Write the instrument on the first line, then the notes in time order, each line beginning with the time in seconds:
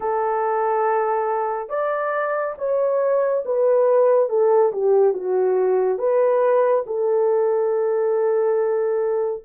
horn
0.00 A4
1.69 D5
2.58 C#5
3.45 B4
4.29 A4
4.72 G4
5.13 F#4
5.98 B4
6.86 A4